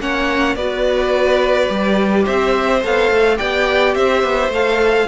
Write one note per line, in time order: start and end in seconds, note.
0.00 0.56 A#3
0.00 0.57 C#4
0.00 0.57 C#5
0.00 0.56 F#5
0.56 1.69 B3
0.56 1.70 F#4
0.56 2.25 B4
0.56 2.26 D5
1.70 2.26 G3
1.70 2.83 G4
2.25 2.84 C4
2.25 3.38 C5
2.25 2.83 E5
2.83 3.11 B3
2.83 3.37 A4
2.83 3.38 F5
3.11 3.39 A3
3.37 3.96 B3
3.37 4.50 G4
3.37 3.95 D5
3.37 3.95 G5
3.95 4.24 C4
3.95 5.08 C5
3.95 4.52 E5
4.24 4.49 B3
4.49 5.05 A3
4.49 5.08 F5
4.55 5.08 A4